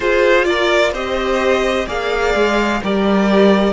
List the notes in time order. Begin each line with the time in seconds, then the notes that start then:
0.00 F4 G#4 C5
0.44 A#4 D5
0.93 C4 G4 C5 D#5
1.87 A#3 G#4 D5 F5
2.34 G#3
2.82 G3 G4 A#4 D5